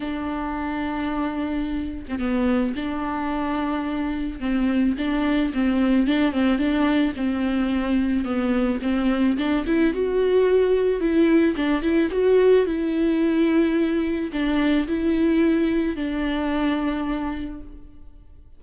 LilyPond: \new Staff \with { instrumentName = "viola" } { \time 4/4 \tempo 4 = 109 d'2.~ d'8. c'16 | b4 d'2. | c'4 d'4 c'4 d'8 c'8 | d'4 c'2 b4 |
c'4 d'8 e'8 fis'2 | e'4 d'8 e'8 fis'4 e'4~ | e'2 d'4 e'4~ | e'4 d'2. | }